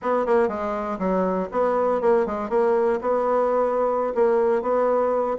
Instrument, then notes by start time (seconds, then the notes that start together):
bassoon
0.01 B3
0.26 A#3
0.48 G#3
0.98 F#3
1.51 B3
2.01 A#3
2.25 G#3
2.49 A#3
3.01 B3
4.14 A#3
4.62 B3